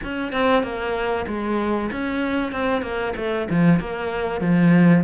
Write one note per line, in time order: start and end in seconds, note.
0.03 0.32 C#4
0.32 0.63 C4
0.63 1.26 A#3
1.27 1.90 G#3
1.91 2.51 C#4
2.51 2.81 C4
2.81 3.13 A#3
3.16 3.48 A3
3.50 3.80 F3
3.80 4.40 A#3
4.40 5.04 F3